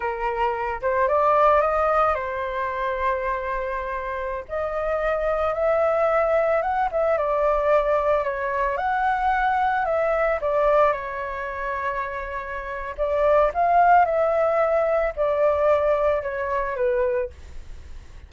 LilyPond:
\new Staff \with { instrumentName = "flute" } { \time 4/4 \tempo 4 = 111 ais'4. c''8 d''4 dis''4 | c''1~ | c''16 dis''2 e''4.~ e''16~ | e''16 fis''8 e''8 d''2 cis''8.~ |
cis''16 fis''2 e''4 d''8.~ | d''16 cis''2.~ cis''8. | d''4 f''4 e''2 | d''2 cis''4 b'4 | }